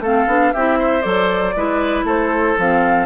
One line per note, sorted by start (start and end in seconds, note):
0.00 0.25 A3
0.00 0.29 C4
0.00 0.53 A4
0.00 0.53 F5
0.27 0.53 B3
0.27 0.54 D4
0.53 1.05 C4
0.53 1.02 E4
0.53 0.79 G4
0.53 1.02 E5
0.79 1.55 C5
1.02 1.56 F#3
1.02 1.53 A4
1.02 2.04 D5
1.56 2.04 G#3
1.56 2.58 E4
1.56 2.06 B4
2.04 2.55 A3
2.04 3.06 A4
2.04 2.59 C5
2.58 3.06 F3
2.58 3.06 C4
2.58 3.06 F5